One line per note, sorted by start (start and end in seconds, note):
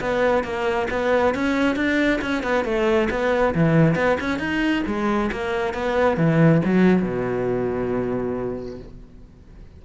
0.00 0.44 B3
0.44 0.88 A#3
0.90 1.34 B3
1.34 1.76 C#4
1.76 2.20 D4
2.21 2.43 C#4
2.43 2.64 B3
2.64 3.08 A3
3.10 3.54 B3
3.55 3.95 E3
3.95 4.17 B3
4.20 4.39 C#4
4.39 4.83 D#4
4.86 5.31 G#3
5.32 5.74 A#3
5.74 6.17 B3
6.17 6.61 E3
6.65 7.02 F#3
7.02 8.79 B2